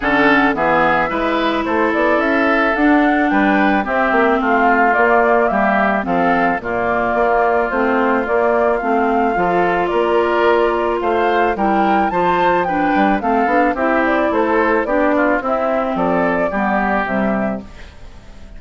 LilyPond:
<<
  \new Staff \with { instrumentName = "flute" } { \time 4/4 \tempo 4 = 109 fis''4 e''2 c''8 d''8 | e''4 fis''4 g''4 e''4 | f''4 d''4 e''4 f''4 | d''2 c''4 d''4 |
f''2 d''2 | f''4 g''4 a''4 g''4 | f''4 e''8 d''8 c''4 d''4 | e''4 d''2 e''4 | }
  \new Staff \with { instrumentName = "oboe" } { \time 4/4 a'4 gis'4 b'4 a'4~ | a'2 b'4 g'4 | f'2 g'4 a'4 | f'1~ |
f'4 a'4 ais'2 | c''4 ais'4 c''4 b'4 | a'4 g'4 a'4 g'8 f'8 | e'4 a'4 g'2 | }
  \new Staff \with { instrumentName = "clarinet" } { \time 4/4 cis'4 b4 e'2~ | e'4 d'2 c'4~ | c'4 ais2 c'4 | ais2 c'4 ais4 |
c'4 f'2.~ | f'4 e'4 f'4 d'4 | c'8 d'8 e'2 d'4 | c'2 b4 g4 | }
  \new Staff \with { instrumentName = "bassoon" } { \time 4/4 d4 e4 gis4 a8 b8 | cis'4 d'4 g4 c'8 ais8 | a4 ais4 g4 f4 | ais,4 ais4 a4 ais4 |
a4 f4 ais2 | a4 g4 f4. g8 | a8 b8 c'4 a4 b4 | c'4 f4 g4 c4 | }
>>